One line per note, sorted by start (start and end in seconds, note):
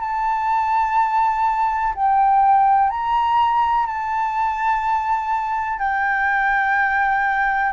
0.00 1.94 A5
1.95 2.90 G5
2.90 3.86 A#5
3.86 5.79 A5
5.79 7.72 G5